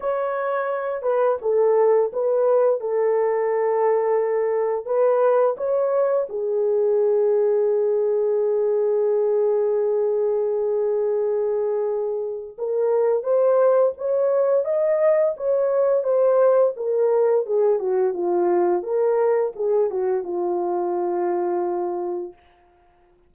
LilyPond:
\new Staff \with { instrumentName = "horn" } { \time 4/4 \tempo 4 = 86 cis''4. b'8 a'4 b'4 | a'2. b'4 | cis''4 gis'2.~ | gis'1~ |
gis'2 ais'4 c''4 | cis''4 dis''4 cis''4 c''4 | ais'4 gis'8 fis'8 f'4 ais'4 | gis'8 fis'8 f'2. | }